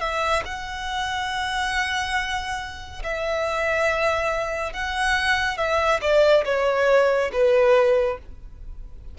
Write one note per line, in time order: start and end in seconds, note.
0.00 0.43 E5
0.45 3.02 F#5
3.03 4.73 E5
4.73 5.57 F#5
5.57 6.00 E5
6.02 6.44 D5
6.45 7.31 C#5
7.32 8.18 B4